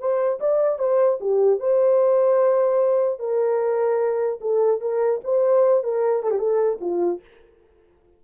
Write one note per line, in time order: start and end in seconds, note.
0.00 0.40 C5
0.40 0.79 D5
0.79 1.19 C5
1.21 1.60 G4
1.60 3.20 C5
3.20 4.40 A#4
4.41 4.81 A4
4.81 5.21 A#4
5.24 5.84 C5
5.84 6.23 A#4
6.23 6.31 A4
6.31 6.39 G4
6.39 6.79 A4
6.81 7.21 F4